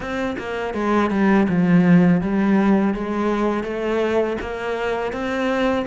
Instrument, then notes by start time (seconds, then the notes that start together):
cello
0.00 C4
0.38 A#3
0.74 G#3
1.10 G3
1.48 F3
2.21 G3
2.93 G#3
3.63 A3
4.41 A#3
5.12 C4